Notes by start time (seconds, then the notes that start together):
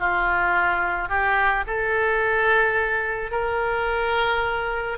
0.00 F4
1.09 G4
1.67 A4
3.32 A#4